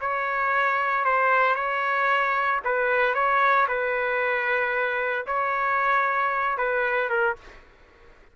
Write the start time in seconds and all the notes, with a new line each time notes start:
0.00 C#5
1.05 C5
1.55 C#5
2.64 B4
3.14 C#5
3.68 B4
5.26 C#5
6.57 B4
7.10 A#4